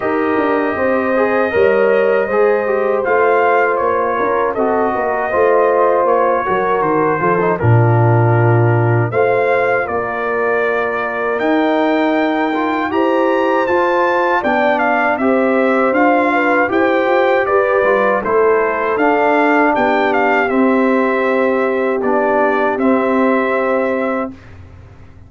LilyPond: <<
  \new Staff \with { instrumentName = "trumpet" } { \time 4/4 \tempo 4 = 79 dis''1 | f''4 cis''4 dis''2 | cis''4 c''4 ais'2 | f''4 d''2 g''4~ |
g''4 ais''4 a''4 g''8 f''8 | e''4 f''4 g''4 d''4 | c''4 f''4 g''8 f''8 e''4~ | e''4 d''4 e''2 | }
  \new Staff \with { instrumentName = "horn" } { \time 4/4 ais'4 c''4 cis''4 c''4~ | c''4. ais'8 a'8 ais'8 c''4~ | c''8 ais'4 a'8 f'2 | c''4 ais'2.~ |
ais'4 c''2 d''4 | c''4. b'8 c''4 b'4 | a'2 g'2~ | g'1 | }
  \new Staff \with { instrumentName = "trombone" } { \time 4/4 g'4. gis'8 ais'4 gis'8 g'8 | f'2 fis'4 f'4~ | f'8 fis'4 f'16 dis'16 d'2 | f'2. dis'4~ |
dis'8 f'8 g'4 f'4 d'4 | g'4 f'4 g'4. f'8 | e'4 d'2 c'4~ | c'4 d'4 c'2 | }
  \new Staff \with { instrumentName = "tuba" } { \time 4/4 dis'8 d'8 c'4 g4 gis4 | a4 ais8 cis'8 c'8 ais8 a4 | ais8 fis8 dis8 f8 ais,2 | a4 ais2 dis'4~ |
dis'4 e'4 f'4 b4 | c'4 d'4 e'8 f'8 g'8 g8 | a4 d'4 b4 c'4~ | c'4 b4 c'2 | }
>>